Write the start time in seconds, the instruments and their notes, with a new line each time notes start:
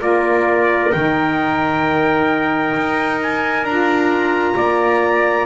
0.00 double bass A#3, saxophone F4, trumpet A#4 D5
0.92 double bass D#3, saxophone D#4, trumpet G5
2.77 double bass D#4
3.22 trumpet G#5
3.63 double bass D4, saxophone F4, trumpet A#5
4.57 double bass A#3, trumpet D5